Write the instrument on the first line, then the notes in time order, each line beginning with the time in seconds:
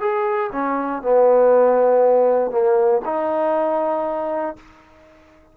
trombone
0.00 G#4
0.52 C#4
1.02 B3
2.51 A#3
3.05 D#4